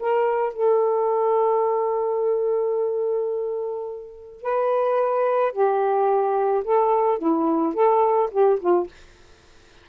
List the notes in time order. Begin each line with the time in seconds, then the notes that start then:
0.00 A#4
0.54 A4
4.42 B4
5.53 G4
6.64 A4
7.19 E4
7.74 A4
8.31 G4
8.60 F4